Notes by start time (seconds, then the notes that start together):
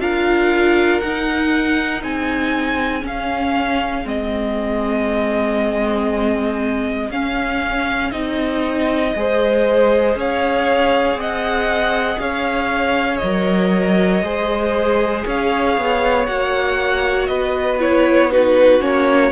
0.00 D4 F4 A#4 F5
1.00 D#4 F#5
2.03 C4 G#4 G#5
3.01 C#4
3.07 F5
4.05 G#3 C4 D#5
7.10 C#4 F5
8.11 C4 D#4 D#5
9.16 G#3 G#4 C5
10.16 C#4 C#5 F5
11.15 C4 D#5 F#5
12.19 C#4 C#5 F5
13.18 F#3 D#5
13.24 A#4
14.23 G#3 G#4 C5
15.26 C#4 C#5 F5
15.78 B3
16.26 A#3 F#4 F#5
17.27 B3 B4 D#5
17.80 E4 C#5
18.31 D#4 F#4 B4
18.81 A#3 C#4 C#5